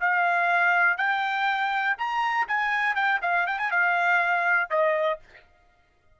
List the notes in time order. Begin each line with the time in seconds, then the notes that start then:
0.00 F5
0.97 G5
1.98 A#5
2.48 G#5
2.95 G5
3.21 F5
3.46 G5
3.58 G#5
3.71 F5
4.70 D#5